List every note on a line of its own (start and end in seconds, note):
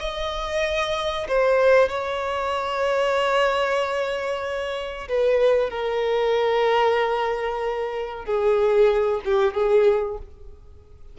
0.00 1.28 D#5
1.28 1.89 C5
1.89 5.08 C#5
5.09 5.70 B4
5.70 8.26 A#4
8.26 9.21 G#4
9.25 9.55 G4
9.55 10.18 G#4